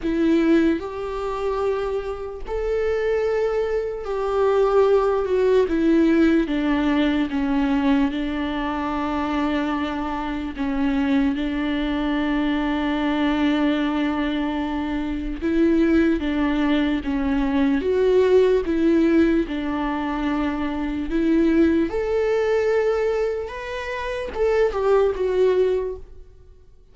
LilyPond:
\new Staff \with { instrumentName = "viola" } { \time 4/4 \tempo 4 = 74 e'4 g'2 a'4~ | a'4 g'4. fis'8 e'4 | d'4 cis'4 d'2~ | d'4 cis'4 d'2~ |
d'2. e'4 | d'4 cis'4 fis'4 e'4 | d'2 e'4 a'4~ | a'4 b'4 a'8 g'8 fis'4 | }